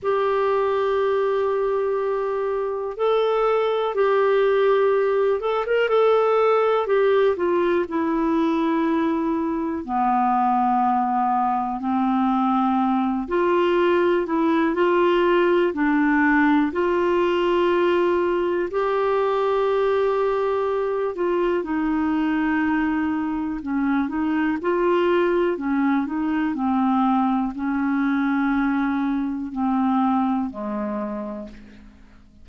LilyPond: \new Staff \with { instrumentName = "clarinet" } { \time 4/4 \tempo 4 = 61 g'2. a'4 | g'4. a'16 ais'16 a'4 g'8 f'8 | e'2 b2 | c'4. f'4 e'8 f'4 |
d'4 f'2 g'4~ | g'4. f'8 dis'2 | cis'8 dis'8 f'4 cis'8 dis'8 c'4 | cis'2 c'4 gis4 | }